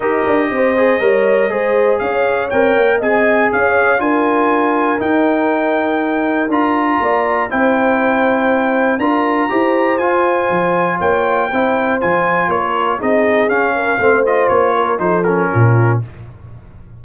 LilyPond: <<
  \new Staff \with { instrumentName = "trumpet" } { \time 4/4 \tempo 4 = 120 dis''1 | f''4 g''4 gis''4 f''4 | gis''2 g''2~ | g''4 ais''2 g''4~ |
g''2 ais''2 | gis''2 g''2 | gis''4 cis''4 dis''4 f''4~ | f''8 dis''8 cis''4 c''8 ais'4. | }
  \new Staff \with { instrumentName = "horn" } { \time 4/4 ais'4 c''4 cis''4 c''4 | cis''2 dis''4 cis''4 | ais'1~ | ais'2 d''4 c''4~ |
c''2 ais'4 c''4~ | c''2 cis''4 c''4~ | c''4 ais'4 gis'4. ais'8 | c''4. ais'8 a'4 f'4 | }
  \new Staff \with { instrumentName = "trombone" } { \time 4/4 g'4. gis'8 ais'4 gis'4~ | gis'4 ais'4 gis'2 | f'2 dis'2~ | dis'4 f'2 e'4~ |
e'2 f'4 g'4 | f'2. e'4 | f'2 dis'4 cis'4 | c'8 f'4. dis'8 cis'4. | }
  \new Staff \with { instrumentName = "tuba" } { \time 4/4 dis'8 d'8 c'4 g4 gis4 | cis'4 c'8 ais8 c'4 cis'4 | d'2 dis'2~ | dis'4 d'4 ais4 c'4~ |
c'2 d'4 e'4 | f'4 f4 ais4 c'4 | f4 ais4 c'4 cis'4 | a4 ais4 f4 ais,4 | }
>>